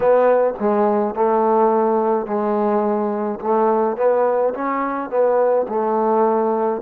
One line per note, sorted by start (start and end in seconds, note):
0.00 0.54 B3
0.59 1.14 G#3
1.14 2.26 A3
2.26 3.40 G#3
3.40 3.96 A3
3.96 4.53 B3
4.53 5.09 C#4
5.09 5.66 B3
5.68 6.81 A3